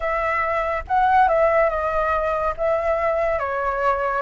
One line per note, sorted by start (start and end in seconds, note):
0.00 0.83 E5
0.87 1.28 F#5
1.28 1.69 E5
1.69 2.54 D#5
2.57 3.39 E5
3.39 4.21 C#5